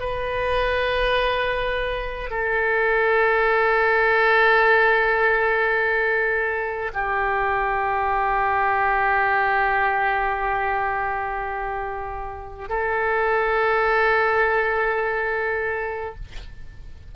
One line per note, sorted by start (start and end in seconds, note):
0.00 2.30 B4
2.30 6.92 A4
6.94 12.69 G4
12.69 16.15 A4